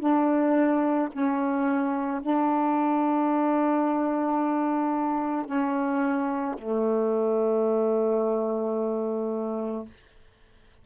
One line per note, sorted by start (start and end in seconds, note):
0.00 1.09 D4
1.13 2.22 C#4
2.22 5.46 D4
5.46 6.56 C#4
6.59 9.86 A3